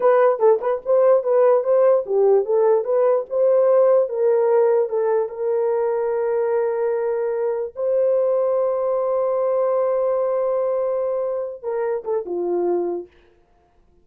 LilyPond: \new Staff \with { instrumentName = "horn" } { \time 4/4 \tempo 4 = 147 b'4 a'8 b'8 c''4 b'4 | c''4 g'4 a'4 b'4 | c''2 ais'2 | a'4 ais'2.~ |
ais'2. c''4~ | c''1~ | c''1~ | c''8 ais'4 a'8 f'2 | }